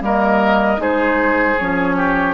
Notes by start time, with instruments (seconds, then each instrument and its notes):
0.00 bassoon G3, clarinet A#3, oboe A#4, flute D#5
0.77 bassoon G#3, clarinet D#4, oboe G#4, flute C5
1.58 bassoon F3, clarinet C#4, flute C#5
1.96 oboe G4